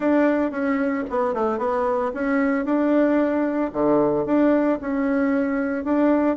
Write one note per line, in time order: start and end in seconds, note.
0.00 0.51 D4
0.51 1.04 C#4
1.10 1.33 B3
1.33 1.58 A3
1.58 2.11 B3
2.14 2.65 C#4
2.65 3.71 D4
3.72 4.25 D3
4.25 4.78 D4
4.81 5.84 C#4
5.84 6.36 D4